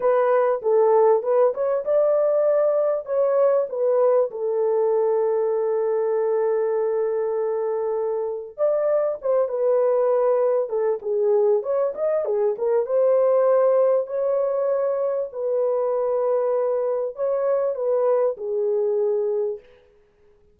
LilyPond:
\new Staff \with { instrumentName = "horn" } { \time 4/4 \tempo 4 = 98 b'4 a'4 b'8 cis''8 d''4~ | d''4 cis''4 b'4 a'4~ | a'1~ | a'2 d''4 c''8 b'8~ |
b'4. a'8 gis'4 cis''8 dis''8 | gis'8 ais'8 c''2 cis''4~ | cis''4 b'2. | cis''4 b'4 gis'2 | }